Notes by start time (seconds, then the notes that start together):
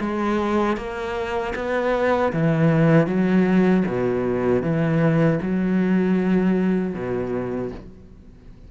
0.00 G#3
0.77 A#3
1.55 B3
2.33 E3
3.07 F#3
3.87 B2
4.62 E3
5.42 F#3
6.94 B2